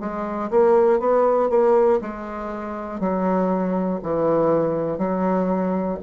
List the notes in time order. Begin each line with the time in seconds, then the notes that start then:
0.00 G#3
0.50 A#3
0.99 B3
1.49 A#3
2.00 G#3
3.00 F#3
4.02 E3
4.98 F#3